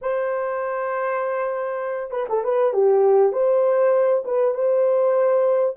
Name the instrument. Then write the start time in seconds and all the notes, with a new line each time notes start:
horn
0.01 C5
2.10 B4
2.29 A4
2.44 B4
2.73 G4
3.32 C5
4.25 B4
4.54 C5